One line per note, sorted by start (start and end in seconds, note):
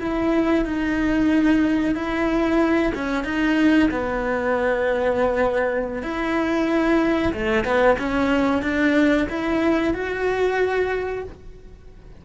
0.00 0.65 E4
0.65 1.95 D#4
1.95 2.93 E4
2.95 3.24 C#4
3.24 3.90 D#4
3.91 6.03 B3
6.03 7.33 E4
7.33 7.65 A3
7.65 7.97 B3
7.99 8.62 C#4
8.62 9.27 D4
9.30 9.94 E4
9.94 11.24 F#4